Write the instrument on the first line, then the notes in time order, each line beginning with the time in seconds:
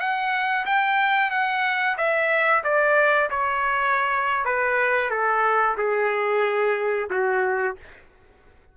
trumpet
0.00 F#5
0.66 G5
1.31 F#5
1.98 E5
2.64 D5
3.31 C#5
4.45 B4
5.10 A4
5.78 G#4
7.11 F#4